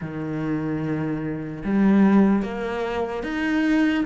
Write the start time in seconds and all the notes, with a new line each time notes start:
0.01 D#3
1.64 G3
2.42 A#3
3.23 D#4